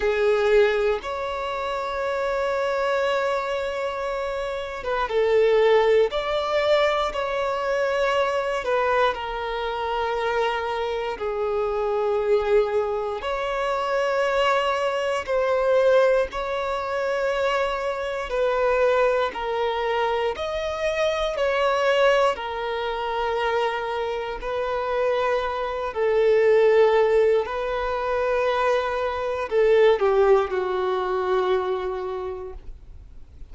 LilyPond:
\new Staff \with { instrumentName = "violin" } { \time 4/4 \tempo 4 = 59 gis'4 cis''2.~ | cis''8. b'16 a'4 d''4 cis''4~ | cis''8 b'8 ais'2 gis'4~ | gis'4 cis''2 c''4 |
cis''2 b'4 ais'4 | dis''4 cis''4 ais'2 | b'4. a'4. b'4~ | b'4 a'8 g'8 fis'2 | }